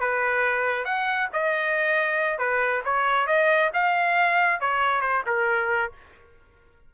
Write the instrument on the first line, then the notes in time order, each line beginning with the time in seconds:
trumpet
0.00 B4
0.85 F#5
1.33 D#5
2.38 B4
2.85 C#5
3.27 D#5
3.74 F5
4.60 C#5
5.01 C5
5.26 A#4